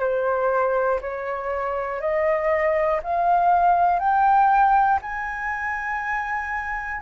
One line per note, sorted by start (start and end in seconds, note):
0.00 1.00 C5
1.01 2.01 C#5
2.01 3.01 D#5
3.03 4.00 F5
4.00 5.00 G5
5.02 7.02 G#5